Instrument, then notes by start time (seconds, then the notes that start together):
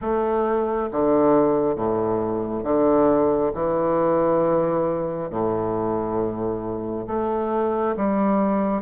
bassoon
0.01 A3
0.91 D3
1.75 A2
2.63 D3
3.53 E3
5.29 A2
7.07 A3
7.96 G3